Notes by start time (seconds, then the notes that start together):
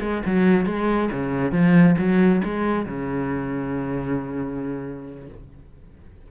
0.00 G#3
0.26 F#3
0.66 G#3
1.12 C#3
1.52 F3
1.98 F#3
2.44 G#3
2.86 C#3